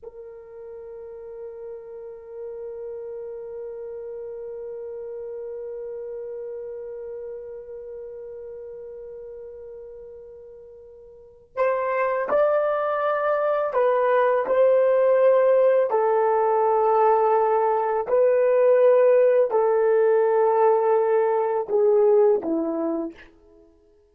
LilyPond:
\new Staff \with { instrumentName = "horn" } { \time 4/4 \tempo 4 = 83 ais'1~ | ais'1~ | ais'1~ | ais'1 |
c''4 d''2 b'4 | c''2 a'2~ | a'4 b'2 a'4~ | a'2 gis'4 e'4 | }